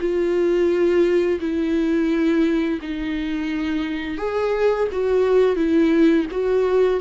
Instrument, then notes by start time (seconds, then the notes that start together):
viola
0.00 F4
1.40 E4
2.82 D#4
4.18 G#4
4.92 F#4
5.56 E4
6.31 F#4